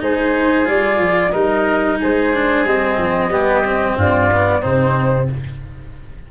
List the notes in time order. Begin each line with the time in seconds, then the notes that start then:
0.00 G#3 D#4 G#4 C5
0.66 G3 F4 D5
0.99 F3
1.32 G3 D#4 A#4 D#5
2.01 G#3 G#4 C5
2.34 D4
2.65 G3 C4 D#5
2.98 F3
3.29 G3 B3 G4
3.65 C4
3.97 G2 F4 D5
4.32 B3
4.61 C3 C4 D#4 C5